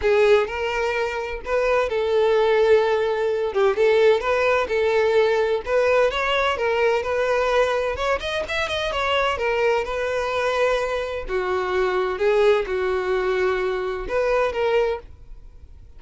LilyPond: \new Staff \with { instrumentName = "violin" } { \time 4/4 \tempo 4 = 128 gis'4 ais'2 b'4 | a'2.~ a'8 g'8 | a'4 b'4 a'2 | b'4 cis''4 ais'4 b'4~ |
b'4 cis''8 dis''8 e''8 dis''8 cis''4 | ais'4 b'2. | fis'2 gis'4 fis'4~ | fis'2 b'4 ais'4 | }